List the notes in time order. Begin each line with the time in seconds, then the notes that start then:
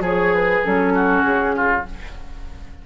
0.00 F3 G#4 C#5
0.34 B4
0.65 F#3 C#4 A4
0.95 F#4
1.23 C#3 G#4
1.56 F4